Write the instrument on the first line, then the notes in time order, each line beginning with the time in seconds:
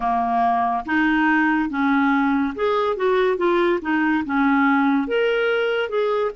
clarinet
0.00 A#3
0.85 D#4
1.69 C#4
2.55 G#4
2.96 F#4
3.37 F4
3.81 D#4
4.25 C#4
5.07 A#4
5.89 G#4